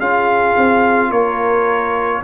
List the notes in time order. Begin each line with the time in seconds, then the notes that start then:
0.00 C#4 F4 G#4 F5
0.58 C4
1.10 A#3 A#4 C#5